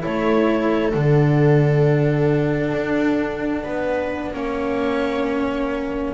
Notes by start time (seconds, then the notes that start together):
0.00 A3 E4 A4 C#5
0.92 D3 D4 F#5
2.73 D4
3.63 B3 B4
4.33 A#3 C#4 C#5